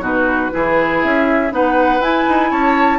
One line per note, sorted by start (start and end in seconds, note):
0.00 0.50 B2
0.00 0.51 D#4
0.00 0.51 F#4
0.00 1.02 B4
0.51 1.03 E3
0.51 1.50 E4
0.51 1.53 G#4
1.02 1.51 C#4
1.02 1.52 E5
1.50 2.00 B3
1.50 1.99 D#4
1.50 2.51 B4
1.50 2.02 F#5
2.00 2.24 E4
2.00 2.98 E4
2.00 2.51 G#5
2.29 2.51 D#4
2.51 2.98 C#4
2.51 2.98 C#5
2.51 2.98 A5